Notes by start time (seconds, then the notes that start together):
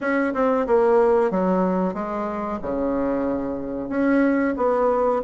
0.00 C#4
0.33 C4
0.66 A#3
1.30 F#3
1.94 G#3
2.61 C#3
3.89 C#4
4.56 B3